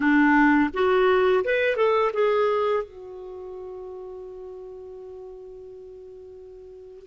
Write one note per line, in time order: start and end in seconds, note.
0.00 0.70 D4
0.73 1.44 F#4
1.44 1.76 B4
1.76 2.11 A4
2.13 2.83 G#4
2.83 7.06 F#4